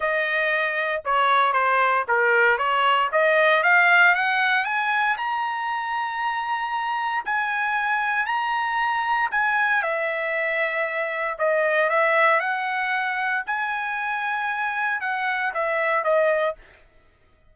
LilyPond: \new Staff \with { instrumentName = "trumpet" } { \time 4/4 \tempo 4 = 116 dis''2 cis''4 c''4 | ais'4 cis''4 dis''4 f''4 | fis''4 gis''4 ais''2~ | ais''2 gis''2 |
ais''2 gis''4 e''4~ | e''2 dis''4 e''4 | fis''2 gis''2~ | gis''4 fis''4 e''4 dis''4 | }